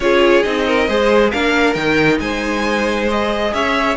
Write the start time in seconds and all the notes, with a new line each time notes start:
0.00 C#4 F4 G#4 C#5
0.42 C4 D#4 D#5
0.66 A#4
0.88 G#3 G#4 C5
1.30 A#3 D4 A#4 F5
1.73 D#3 D#4 G5
2.19 G#3 C5 G#5
3.07 G#4 D#5
3.53 C#4 C#5 E5